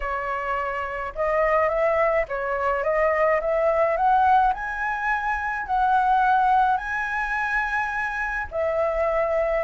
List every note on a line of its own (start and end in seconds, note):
0.00 1.13 C#5
1.15 1.68 D#5
1.68 2.25 E5
2.28 2.83 C#5
2.83 3.40 D#5
3.40 3.96 E5
3.96 4.53 F#5
4.53 5.66 G#5
5.66 6.77 F#5
6.77 8.46 G#5
8.51 9.64 E5